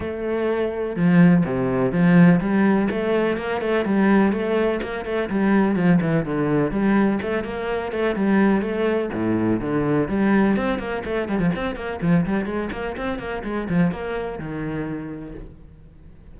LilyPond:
\new Staff \with { instrumentName = "cello" } { \time 4/4 \tempo 4 = 125 a2 f4 c4 | f4 g4 a4 ais8 a8 | g4 a4 ais8 a8 g4 | f8 e8 d4 g4 a8 ais8~ |
ais8 a8 g4 a4 a,4 | d4 g4 c'8 ais8 a8 g16 f16 | c'8 ais8 f8 g8 gis8 ais8 c'8 ais8 | gis8 f8 ais4 dis2 | }